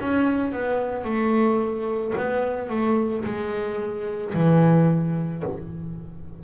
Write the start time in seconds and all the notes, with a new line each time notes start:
0.00 C#4
0.52 B3
1.05 A3
2.18 B3
2.70 A3
3.25 G#3
4.34 E3